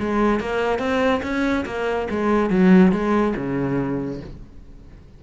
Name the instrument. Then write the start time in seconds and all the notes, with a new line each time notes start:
cello
0.00 G#3
0.41 A#3
0.79 C4
1.23 C#4
1.66 A#3
2.11 G#3
2.50 F#3
2.92 G#3
3.37 C#3